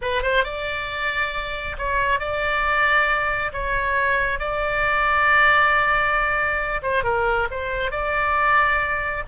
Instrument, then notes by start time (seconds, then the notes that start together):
oboe
0.01 B4
0.22 C5
0.44 D5
1.78 C#5
2.19 D5
3.53 C#5
4.39 D5
6.82 C5
7.03 A#4
7.51 C5
7.91 D5